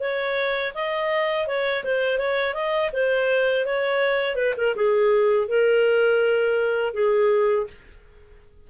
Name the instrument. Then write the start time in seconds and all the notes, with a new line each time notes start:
clarinet
0.00 C#5
0.75 D#5
1.47 C#5
1.84 C5
2.19 C#5
2.54 D#5
2.93 C5
3.66 C#5
4.36 B4
4.57 A#4
4.76 G#4
5.48 A#4
6.93 G#4